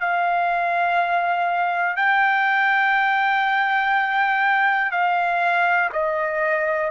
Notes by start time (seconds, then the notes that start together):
0.00 F5
1.96 G5
4.91 F5
5.92 D#5